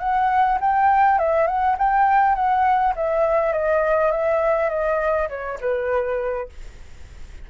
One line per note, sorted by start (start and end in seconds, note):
0.00 0.59 F#5
0.61 1.19 G5
1.19 1.47 E5
1.47 1.77 F#5
1.79 2.35 G5
2.35 2.94 F#5
2.96 3.53 E5
3.53 4.11 D#5
4.12 4.70 E5
4.70 5.29 D#5
5.29 5.59 C#5
5.61 6.49 B4